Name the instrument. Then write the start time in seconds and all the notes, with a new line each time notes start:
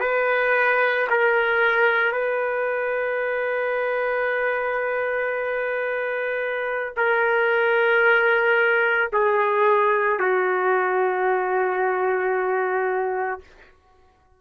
trumpet
0.00 B4
1.10 A#4
2.12 B4
6.96 A#4
9.12 G#4
10.19 F#4